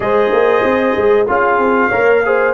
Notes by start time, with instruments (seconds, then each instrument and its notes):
0.00 tuba G#3, trombone G#4, horn C5, trumpet D#5
0.32 tuba A#3
0.63 tuba C4
0.96 tuba G#3
1.27 tuba C#4, trombone F4, horn G#4, trumpet F5
1.57 tuba C4
1.88 tuba A#3, trombone A#4, horn C#5
2.25 trombone G#4, horn C5